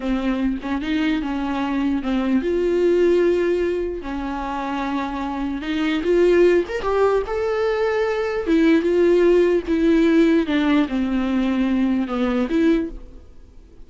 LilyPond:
\new Staff \with { instrumentName = "viola" } { \time 4/4 \tempo 4 = 149 c'4. cis'8 dis'4 cis'4~ | cis'4 c'4 f'2~ | f'2 cis'2~ | cis'2 dis'4 f'4~ |
f'8 ais'8 g'4 a'2~ | a'4 e'4 f'2 | e'2 d'4 c'4~ | c'2 b4 e'4 | }